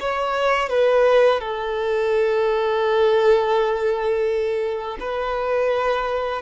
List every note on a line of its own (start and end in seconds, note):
0.00 0.69 C#5
0.69 1.40 B4
1.40 4.97 A4
5.00 6.42 B4